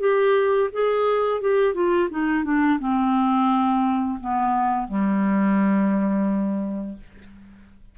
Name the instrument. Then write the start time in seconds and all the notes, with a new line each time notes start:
clarinet
0.00 G4
0.73 G#4
1.41 G4
1.74 F4
2.10 D#4
2.44 D4
2.79 C4
4.20 B3
4.88 G3